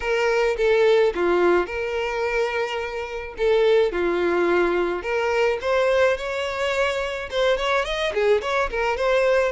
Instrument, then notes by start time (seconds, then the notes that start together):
violin
0.00 A#4
0.57 A4
1.14 F4
1.66 A#4
3.37 A4
3.92 F4
5.02 A#4
5.61 C5
6.17 C#5
7.30 C5
7.57 C#5
7.84 D#5
8.14 G#4
8.41 C#5
8.70 A#4
8.96 C5